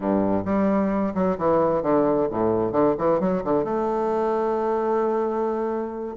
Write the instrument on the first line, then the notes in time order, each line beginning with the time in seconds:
bassoon
0.00 G2
0.45 G3
1.14 F#3
1.38 E3
1.82 D3
2.30 A2
2.71 D3
2.98 E3
3.20 F#3
3.44 D3
3.64 A3